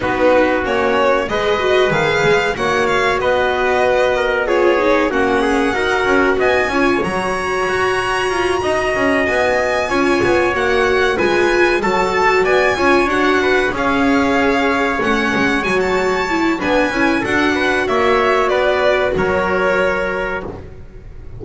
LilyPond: <<
  \new Staff \with { instrumentName = "violin" } { \time 4/4 \tempo 4 = 94 b'4 cis''4 dis''4 f''4 | fis''8 f''8 dis''2 cis''4 | fis''2 gis''4 ais''4~ | ais''2~ ais''8 gis''4.~ |
gis''8 fis''4 gis''4 a''4 gis''8~ | gis''8 fis''4 f''2 fis''8~ | fis''8 gis''16 a''4~ a''16 gis''4 fis''4 | e''4 d''4 cis''2 | }
  \new Staff \with { instrumentName = "trumpet" } { \time 4/4 fis'2 b'2 | cis''4 b'4. ais'8 gis'4 | fis'8 gis'8 ais'4 dis''8 cis''4.~ | cis''4. dis''2 cis''8~ |
cis''4. b'4 a'4 d''8 | cis''4 b'8 cis''2~ cis''8~ | cis''2 b'4 a'8 b'8 | cis''4 b'4 ais'2 | }
  \new Staff \with { instrumentName = "viola" } { \time 4/4 dis'4 cis'4 gis'8 fis'8 gis'4 | fis'2. f'8 dis'8 | cis'4 fis'4. f'8 fis'4~ | fis'2.~ fis'8 f'8~ |
f'8 fis'4 f'4 fis'4. | f'8 fis'4 gis'2 cis'8~ | cis'8 fis'4 e'8 d'8 e'8 fis'4~ | fis'1 | }
  \new Staff \with { instrumentName = "double bass" } { \time 4/4 b4 ais4 gis4 dis8 gis8 | ais4 b2. | ais4 dis'8 cis'8 b8 cis'8 fis4 | fis'4 f'8 dis'8 cis'8 b4 cis'8 |
b8 ais4 gis4 fis4 b8 | cis'8 d'4 cis'2 a8 | gis8 fis4. b8 cis'8 d'4 | ais4 b4 fis2 | }
>>